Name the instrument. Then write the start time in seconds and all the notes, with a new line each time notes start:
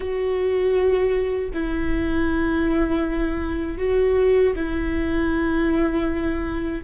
viola
0.00 F#4
1.53 E4
3.78 F#4
4.55 E4